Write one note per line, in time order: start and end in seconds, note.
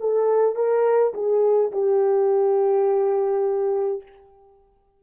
0.00 0.56 A4
0.56 1.13 A#4
1.14 1.72 G#4
1.72 4.03 G4